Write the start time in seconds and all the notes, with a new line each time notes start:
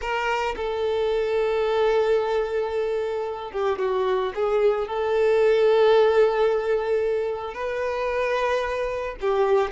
0.01 A#4
0.56 A4
3.51 G4
3.78 F#4
4.34 G#4
4.87 A4
7.54 B4
9.20 G4